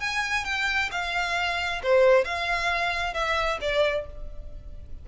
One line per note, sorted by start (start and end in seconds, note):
0.00 0.45 G#5
0.45 0.90 G5
0.91 1.81 F5
1.83 2.24 C5
2.24 3.14 F5
3.14 3.59 E5
3.61 4.06 D5